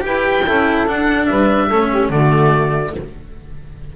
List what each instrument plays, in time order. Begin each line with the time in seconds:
0.00 double bass E4, cello G4, saxophone B4, oboe G5
0.45 double bass C#4, cello E4, saxophone A4
0.86 double bass D4, cello D4, oboe F#5
1.25 double bass G3, saxophone B4, oboe E5
1.67 double bass A3, cello C#4, saxophone A4
1.89 saxophone G4
2.09 double bass D3, cello A3, saxophone F#4, oboe D5